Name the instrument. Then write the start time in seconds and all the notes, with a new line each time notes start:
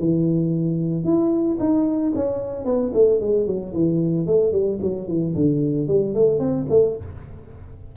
tuba
0.00 E3
1.04 E4
1.60 D#4
2.16 C#4
2.65 B3
2.94 A3
3.21 G#3
3.47 F#3
3.74 E3
4.27 A3
4.52 G3
4.82 F#3
5.08 E3
5.36 D3
5.88 G3
6.15 A3
6.40 C4
6.70 A3